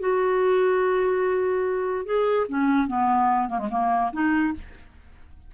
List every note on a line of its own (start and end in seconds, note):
0.00 2.05 F#4
2.06 2.47 G#4
2.49 2.88 C#4
2.88 3.49 B3
3.49 3.59 A#3
3.59 3.69 G#3
3.71 4.12 A#3
4.13 4.54 D#4